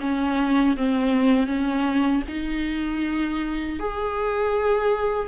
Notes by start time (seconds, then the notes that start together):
0.00 C#4
0.76 C4
1.46 C#4
2.28 D#4
3.79 G#4